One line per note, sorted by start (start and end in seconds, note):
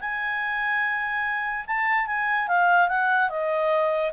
0.00 1.66 G#5
1.66 2.07 A5
2.07 2.48 G#5
2.48 2.89 F5
2.89 3.30 F#5
3.30 4.12 D#5